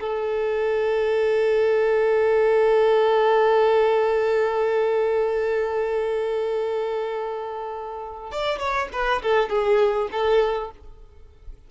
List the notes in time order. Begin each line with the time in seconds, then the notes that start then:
0.00 A4
8.31 D5
8.58 C#5
8.92 B4
9.22 A4
9.49 G#4
10.11 A4